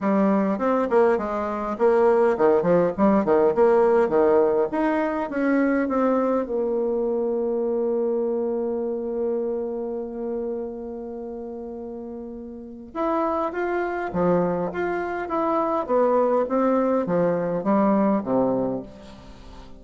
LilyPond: \new Staff \with { instrumentName = "bassoon" } { \time 4/4 \tempo 4 = 102 g4 c'8 ais8 gis4 ais4 | dis8 f8 g8 dis8 ais4 dis4 | dis'4 cis'4 c'4 ais4~ | ais1~ |
ais1~ | ais2 e'4 f'4 | f4 f'4 e'4 b4 | c'4 f4 g4 c4 | }